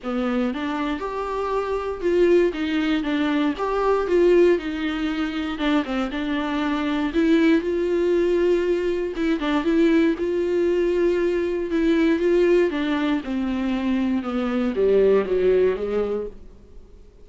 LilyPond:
\new Staff \with { instrumentName = "viola" } { \time 4/4 \tempo 4 = 118 b4 d'4 g'2 | f'4 dis'4 d'4 g'4 | f'4 dis'2 d'8 c'8 | d'2 e'4 f'4~ |
f'2 e'8 d'8 e'4 | f'2. e'4 | f'4 d'4 c'2 | b4 g4 fis4 gis4 | }